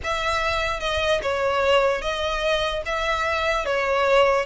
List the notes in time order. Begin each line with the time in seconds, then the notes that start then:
0.03 E5
0.80 D#5
1.22 C#5
2.01 D#5
2.85 E5
3.65 C#5